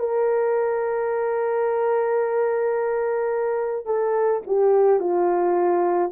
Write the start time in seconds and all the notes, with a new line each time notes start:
0.00 A#4
3.86 A4
4.47 G4
5.00 F4